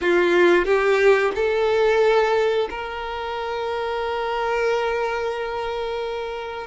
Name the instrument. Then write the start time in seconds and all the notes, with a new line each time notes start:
violin
0.01 F4
0.65 G4
1.35 A4
2.69 A#4